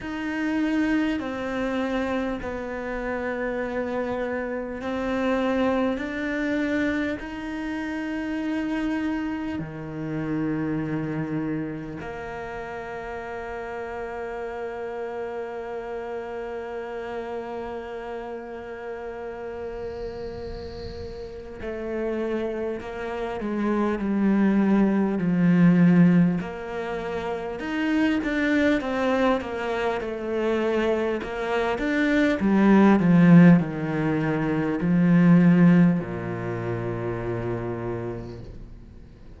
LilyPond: \new Staff \with { instrumentName = "cello" } { \time 4/4 \tempo 4 = 50 dis'4 c'4 b2 | c'4 d'4 dis'2 | dis2 ais2~ | ais1~ |
ais2 a4 ais8 gis8 | g4 f4 ais4 dis'8 d'8 | c'8 ais8 a4 ais8 d'8 g8 f8 | dis4 f4 ais,2 | }